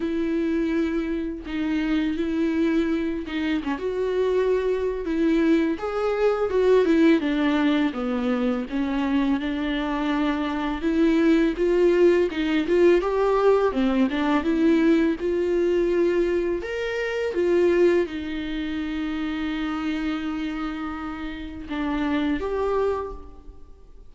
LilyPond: \new Staff \with { instrumentName = "viola" } { \time 4/4 \tempo 4 = 83 e'2 dis'4 e'4~ | e'8 dis'8 cis'16 fis'4.~ fis'16 e'4 | gis'4 fis'8 e'8 d'4 b4 | cis'4 d'2 e'4 |
f'4 dis'8 f'8 g'4 c'8 d'8 | e'4 f'2 ais'4 | f'4 dis'2.~ | dis'2 d'4 g'4 | }